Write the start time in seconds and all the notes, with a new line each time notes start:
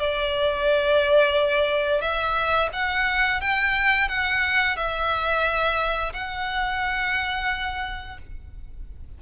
0.00 D5
2.01 E5
2.73 F#5
3.41 G5
4.08 F#5
4.77 E5
6.14 F#5